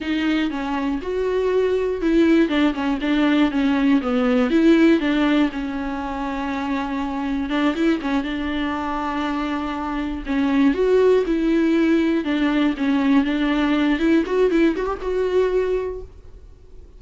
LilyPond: \new Staff \with { instrumentName = "viola" } { \time 4/4 \tempo 4 = 120 dis'4 cis'4 fis'2 | e'4 d'8 cis'8 d'4 cis'4 | b4 e'4 d'4 cis'4~ | cis'2. d'8 e'8 |
cis'8 d'2.~ d'8~ | d'8 cis'4 fis'4 e'4.~ | e'8 d'4 cis'4 d'4. | e'8 fis'8 e'8 fis'16 g'16 fis'2 | }